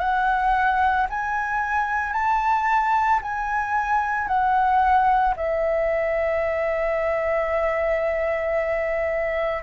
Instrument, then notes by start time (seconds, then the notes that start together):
flute
0.00 F#5
1.10 G#5
2.13 A5
3.22 G#5
4.28 F#5
5.37 E5